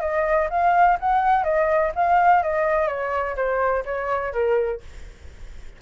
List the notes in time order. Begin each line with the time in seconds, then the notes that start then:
0.00 D#5
0.50 F5
1.00 F#5
1.43 D#5
1.95 F5
2.43 D#5
2.87 C#5
3.36 C5
3.85 C#5
4.33 A#4